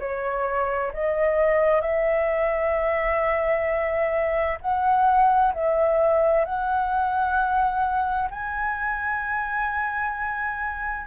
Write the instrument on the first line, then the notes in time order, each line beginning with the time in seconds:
flute
0.00 C#5
0.93 D#5
1.82 E5
4.62 F#5
5.54 E5
6.45 F#5
8.31 G#5